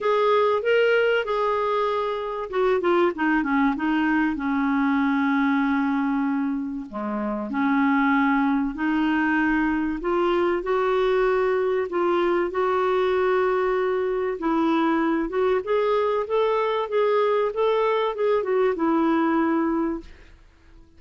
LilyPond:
\new Staff \with { instrumentName = "clarinet" } { \time 4/4 \tempo 4 = 96 gis'4 ais'4 gis'2 | fis'8 f'8 dis'8 cis'8 dis'4 cis'4~ | cis'2. gis4 | cis'2 dis'2 |
f'4 fis'2 f'4 | fis'2. e'4~ | e'8 fis'8 gis'4 a'4 gis'4 | a'4 gis'8 fis'8 e'2 | }